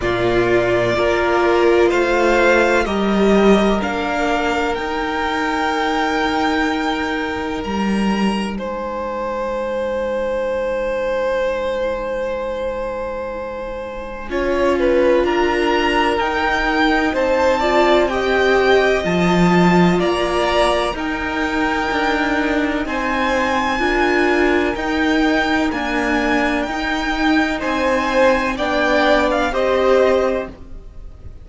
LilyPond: <<
  \new Staff \with { instrumentName = "violin" } { \time 4/4 \tempo 4 = 63 d''2 f''4 dis''4 | f''4 g''2. | ais''4 gis''2.~ | gis''1 |
ais''4 g''4 a''4 g''4 | a''4 ais''4 g''2 | gis''2 g''4 gis''4 | g''4 gis''4 g''8. f''16 dis''4 | }
  \new Staff \with { instrumentName = "violin" } { \time 4/4 f'4 ais'4 c''4 ais'4~ | ais'1~ | ais'4 c''2.~ | c''2. cis''8 b'8 |
ais'2 c''8 d''8 dis''4~ | dis''4 d''4 ais'2 | c''4 ais'2.~ | ais'4 c''4 d''4 c''4 | }
  \new Staff \with { instrumentName = "viola" } { \time 4/4 ais4 f'2 g'4 | d'4 dis'2.~ | dis'1~ | dis'2. f'4~ |
f'4 dis'4. f'8 g'4 | f'2 dis'2~ | dis'4 f'4 dis'4 ais4 | dis'2 d'4 g'4 | }
  \new Staff \with { instrumentName = "cello" } { \time 4/4 ais,4 ais4 a4 g4 | ais4 dis'2. | g4 gis2.~ | gis2. cis'4 |
d'4 dis'4 c'2 | f4 ais4 dis'4 d'4 | c'4 d'4 dis'4 d'4 | dis'4 c'4 b4 c'4 | }
>>